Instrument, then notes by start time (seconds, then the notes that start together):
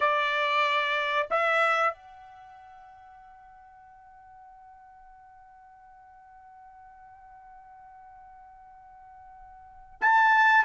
trumpet
0.00 D5
1.30 E5
1.93 F#5
10.01 A5